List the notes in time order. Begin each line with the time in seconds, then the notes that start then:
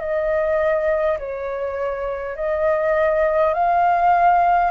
0.00 D#5
1.18 C#5
2.36 D#5
3.53 F5